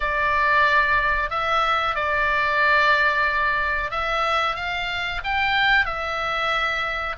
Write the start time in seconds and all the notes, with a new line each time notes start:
0.00 D5
1.30 E5
1.95 D5
3.90 E5
4.55 F5
5.24 G5
5.85 E5